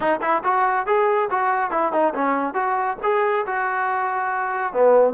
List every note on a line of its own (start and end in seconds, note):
0.00 0.20 D#4
0.21 0.43 E4
0.44 0.86 F#4
0.86 1.29 G#4
1.30 1.70 F#4
1.70 1.92 E4
1.92 2.13 D#4
2.14 2.54 C#4
2.54 2.97 F#4
3.02 3.45 G#4
3.46 4.73 F#4
4.73 5.14 B3